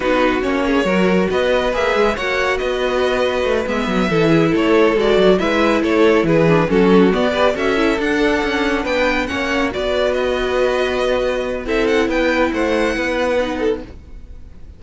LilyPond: <<
  \new Staff \with { instrumentName = "violin" } { \time 4/4 \tempo 4 = 139 b'4 cis''2 dis''4 | e''4 fis''4 dis''2~ | dis''8 e''2 cis''4 d''8~ | d''8 e''4 cis''4 b'4 a'8~ |
a'8 d''4 e''4 fis''4.~ | fis''8 g''4 fis''4 d''4 dis''8~ | dis''2. e''8 fis''8 | g''4 fis''2. | }
  \new Staff \with { instrumentName = "violin" } { \time 4/4 fis'4. gis'8 ais'4 b'4~ | b'4 cis''4 b'2~ | b'4. a'8 gis'8 a'4.~ | a'8 b'4 a'4 gis'4 fis'8~ |
fis'4 b'8 a'2~ a'8~ | a'8 b'4 cis''4 b'4.~ | b'2. a'4 | b'4 c''4 b'4. a'8 | }
  \new Staff \with { instrumentName = "viola" } { \time 4/4 dis'4 cis'4 fis'2 | gis'4 fis'2.~ | fis'8 b4 e'2 fis'8~ | fis'8 e'2~ e'8 d'8 cis'8~ |
cis'8 b8 g'8 fis'8 e'8 d'4.~ | d'4. cis'4 fis'4.~ | fis'2. e'4~ | e'2. dis'4 | }
  \new Staff \with { instrumentName = "cello" } { \time 4/4 b4 ais4 fis4 b4 | ais8 gis8 ais4 b2 | a8 gis8 fis8 e4 a4 gis8 | fis8 gis4 a4 e4 fis8~ |
fis8 b4 cis'4 d'4 cis'8~ | cis'8 b4 ais4 b4.~ | b2. c'4 | b4 a4 b2 | }
>>